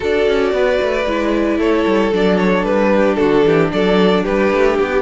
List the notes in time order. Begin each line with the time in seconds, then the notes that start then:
0.00 D4 F#4 A4 D5
0.28 C#4
0.52 B3 B4
0.81 A3
1.05 G#3 E4
1.57 A3 A4 C#5
1.86 G3
2.12 F#3 D4 D5
2.37 C#5
2.63 G3 B4
2.96 G4
3.14 D3 F#4 A4
3.44 E3 G4
3.72 F#3 A4 D5
4.23 G3 G4 B4
4.52 A3
4.77 B3 G4